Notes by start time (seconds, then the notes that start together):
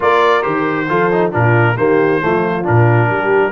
0.00 A#3 F4 A#4 D5
0.42 D#3 G4 C5
0.88 F3 F4 A4
1.12 D#4
1.31 A#2 D4 F4 A#4
1.77 D#3 A#3 G4 C5
2.21 F3 A3 F4
2.63 A#2 D4 A#4
3.09 G3 G4